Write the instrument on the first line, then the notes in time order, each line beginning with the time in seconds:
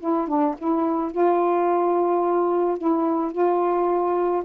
saxophone
0.00 E4
0.28 D4
0.58 E4
1.12 F4
2.78 E4
3.32 F4